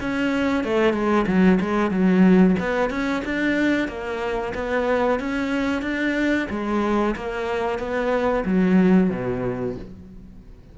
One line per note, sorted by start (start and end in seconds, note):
0.00 0.63 C#4
0.63 0.93 A3
0.93 1.25 G#3
1.26 1.59 F#3
1.60 1.91 G#3
1.91 2.56 F#3
2.59 2.90 B3
2.90 3.22 C#4
3.25 3.87 D4
3.87 4.53 A#3
4.54 5.19 B3
5.19 5.82 C#4
5.82 6.47 D4
6.50 7.15 G#3
7.16 7.78 A#3
7.78 8.44 B3
8.45 9.10 F#3
9.10 9.75 B2